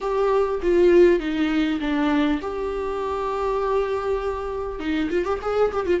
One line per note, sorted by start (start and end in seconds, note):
0.00 0.60 G4
0.62 1.19 F4
1.19 1.79 D#4
1.80 2.40 D4
2.41 4.79 G4
4.79 5.09 D#4
5.10 5.24 F4
5.24 5.39 G4
5.42 5.72 G#4
5.72 5.86 G4
5.86 6.00 F4